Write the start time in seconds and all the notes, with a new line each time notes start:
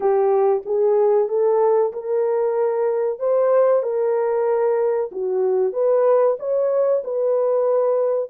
0.00 G4
0.65 G#4
1.28 A4
1.92 A#4
3.19 C5
3.82 A#4
5.11 F#4
5.72 B4
6.39 C#5
7.04 B4